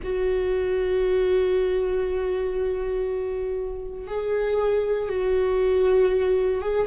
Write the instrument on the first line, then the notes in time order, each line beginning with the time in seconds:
viola
0.03 F#4
4.07 G#4
5.08 F#4
6.61 G#4